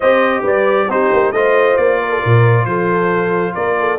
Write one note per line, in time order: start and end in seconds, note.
0.00 0.43 C4
0.00 0.89 G4
0.00 0.42 C5
0.00 0.43 D#5
0.42 0.87 G3
0.42 0.86 B4
0.42 0.91 D5
0.88 1.10 C4
0.88 1.34 D#4
0.88 1.35 G4
0.88 1.32 C5
1.12 1.32 A#3
1.32 1.76 A3
1.32 3.98 F4
1.32 2.00 C5
1.32 1.76 D#5
1.76 2.21 A#3
1.76 2.65 D5
2.00 2.10 A#4
2.10 2.20 A4
2.20 2.65 A#2
2.20 2.65 A#4
2.65 3.54 F3
2.65 3.54 A4
2.65 3.54 C5
3.54 3.98 A#3
3.54 3.76 A#4
3.54 3.98 D5
3.79 3.98 A4